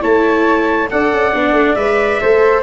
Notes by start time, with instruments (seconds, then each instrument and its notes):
0.00 tuba A3, viola E4, flute C#5, trumpet A5
0.90 tuba D4, viola A4, flute D5, trumpet F#5
1.13 tuba C#4
1.34 tuba B3, viola D4
1.53 tuba A3
1.75 tuba G#3, viola B4, trumpet E5
2.21 tuba A3, viola A4, flute C5